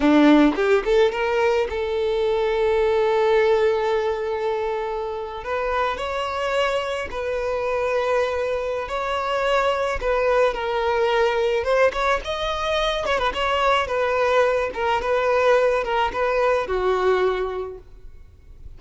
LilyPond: \new Staff \with { instrumentName = "violin" } { \time 4/4 \tempo 4 = 108 d'4 g'8 a'8 ais'4 a'4~ | a'1~ | a'4.~ a'16 b'4 cis''4~ cis''16~ | cis''8. b'2.~ b'16 |
cis''2 b'4 ais'4~ | ais'4 c''8 cis''8 dis''4. cis''16 b'16 | cis''4 b'4. ais'8 b'4~ | b'8 ais'8 b'4 fis'2 | }